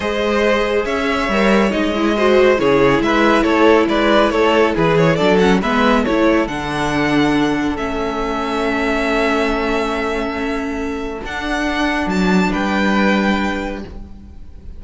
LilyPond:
<<
  \new Staff \with { instrumentName = "violin" } { \time 4/4 \tempo 4 = 139 dis''2 e''2 | dis''2 cis''4 e''4 | cis''4 d''4 cis''4 b'8 cis''8 | d''8 fis''8 e''4 cis''4 fis''4~ |
fis''2 e''2~ | e''1~ | e''2 fis''2 | a''4 g''2. | }
  \new Staff \with { instrumentName = "violin" } { \time 4/4 c''2 cis''2~ | cis''4 c''4 gis'4 b'4 | a'4 b'4 a'4 gis'4 | a'4 b'4 a'2~ |
a'1~ | a'1~ | a'1~ | a'4 b'2. | }
  \new Staff \with { instrumentName = "viola" } { \time 4/4 gis'2. ais'4 | dis'8 e'8 fis'4 e'2~ | e'1 | d'8 cis'8 b4 e'4 d'4~ |
d'2 cis'2~ | cis'1~ | cis'2 d'2~ | d'1 | }
  \new Staff \with { instrumentName = "cello" } { \time 4/4 gis2 cis'4 g4 | gis2 cis4 gis4 | a4 gis4 a4 e4 | fis4 gis4 a4 d4~ |
d2 a2~ | a1~ | a2 d'2 | fis4 g2. | }
>>